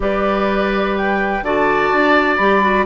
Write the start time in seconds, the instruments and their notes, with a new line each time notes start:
0.00 bassoon G3, clarinet G4, oboe B4, flute D5
0.96 flute G5
1.42 bassoon D3, clarinet F#4, oboe D5, flute A5
1.92 bassoon D4
2.36 bassoon G3, clarinet G4, flute B5
2.62 clarinet F#4